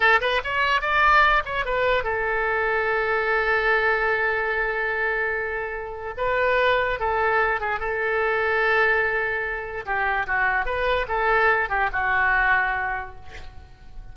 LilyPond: \new Staff \with { instrumentName = "oboe" } { \time 4/4 \tempo 4 = 146 a'8 b'8 cis''4 d''4. cis''8 | b'4 a'2.~ | a'1~ | a'2. b'4~ |
b'4 a'4. gis'8 a'4~ | a'1 | g'4 fis'4 b'4 a'4~ | a'8 g'8 fis'2. | }